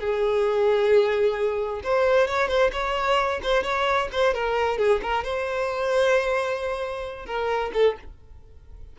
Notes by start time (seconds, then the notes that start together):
0.00 G#4
1.84 C5
2.28 C#5
2.48 C5
2.73 C#5
3.43 C5
3.63 C#5
4.12 C5
4.34 A#4
4.78 G#4
5.02 A#4
5.24 C5
7.26 A#4
7.74 A4